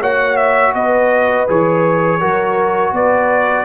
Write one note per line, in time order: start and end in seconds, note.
0.00 0.75 A#3
0.00 1.48 F#4
0.00 0.73 C#5
0.00 0.36 F#5
0.36 0.73 E5
0.75 1.48 B3
0.75 2.20 B4
0.75 1.48 D#5
1.48 2.22 E3
1.48 2.20 G#4
1.48 2.95 C#5
2.20 2.93 F#3
2.20 3.65 F#4
2.20 2.94 A#4
2.93 3.65 B3
2.93 3.65 B4
2.93 3.65 D5